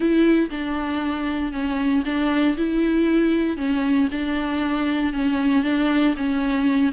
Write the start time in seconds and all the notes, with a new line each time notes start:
0.00 E4
0.50 D4
1.52 C#4
2.05 D4
2.57 E4
3.57 C#4
4.11 D4
5.13 C#4
5.63 D4
6.16 C#4